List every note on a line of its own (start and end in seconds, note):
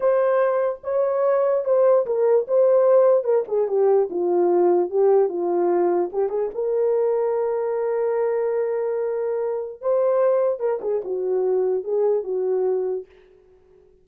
0.00 0.79 C5
0.83 1.64 C#5
1.64 2.05 C5
2.06 2.47 A#4
2.47 3.24 C5
3.24 3.44 A#4
3.47 3.68 G#4
3.68 4.08 G4
4.10 4.90 F4
4.90 5.29 G4
5.29 6.10 F4
6.12 6.29 G4
6.29 6.49 G#4
6.54 9.81 A#4
9.81 10.59 C5
10.59 10.80 A#4
10.81 11.01 G#4
11.04 11.83 F#4
11.83 12.23 G#4
12.23 13.05 F#4